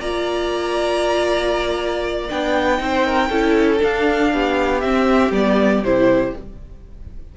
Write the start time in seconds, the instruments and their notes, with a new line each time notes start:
0.00 cello A#3, viola F4, violin D5 A#5
2.29 cello B3, viola D4, violin G5
2.78 cello C4, viola D#4, violin C5
3.06 violin A#4
3.29 cello C#4, viola E4, violin A4
3.79 viola D4, cello D4, violin F5
4.33 cello B3, violin G4
4.80 viola C4, cello C4, violin E5
5.31 cello G3, viola B3, violin D5
5.82 cello C3, viola E4, violin C5